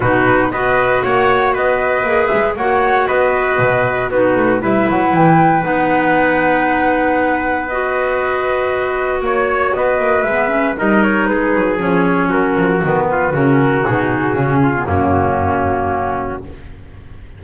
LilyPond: <<
  \new Staff \with { instrumentName = "flute" } { \time 4/4 \tempo 4 = 117 b'4 dis''4 fis''4 dis''4~ | dis''8 e''8 fis''4 dis''2 | b'4 e''8 fis''8 g''4 fis''4~ | fis''2. dis''4~ |
dis''2 cis''4 dis''4 | e''4 dis''8 cis''8 b'4 cis''4 | ais'4 b'4 ais'4 gis'4~ | gis'4 fis'2. | }
  \new Staff \with { instrumentName = "trumpet" } { \time 4/4 fis'4 b'4 cis''4 b'4~ | b'4 cis''4 b'2 | fis'4 b'2.~ | b'1~ |
b'2 cis''4 b'4~ | b'4 ais'4 gis'2 | fis'4. f'8 fis'2~ | fis'8 f'8 cis'2. | }
  \new Staff \with { instrumentName = "clarinet" } { \time 4/4 dis'4 fis'2. | gis'4 fis'2. | dis'4 e'2 dis'4~ | dis'2. fis'4~ |
fis'1 | b8 cis'8 dis'2 cis'4~ | cis'4 b4 cis'4 dis'4 | cis'8. b16 ais2. | }
  \new Staff \with { instrumentName = "double bass" } { \time 4/4 b,4 b4 ais4 b4 | ais8 gis8 ais4 b4 b,4 | b8 a8 g8 fis8 e4 b4~ | b1~ |
b2 ais4 b8 ais8 | gis4 g4 gis8 fis8 f4 | fis8 f8 dis4 cis4 b,4 | cis4 fis,2. | }
>>